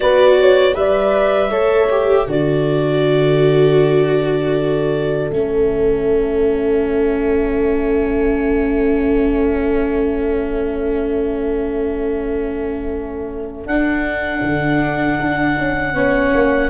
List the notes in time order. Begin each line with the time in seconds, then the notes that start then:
0.00 B3 F#4 B4 D5
0.39 C#5
0.74 G3 B4 D5 E5
1.50 A3 A4 C#5
1.90 G4
2.26 D3 F#4 A4 D5
5.30 A3 C#4 E5
13.66 D4 F#5
14.42 D3
15.19 D4
15.58 C#4
15.93 B3 C#4 C#5
16.34 A#3